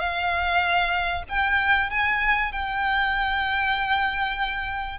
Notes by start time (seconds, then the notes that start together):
0.00 F5
1.29 G5
1.90 G#5
2.52 G5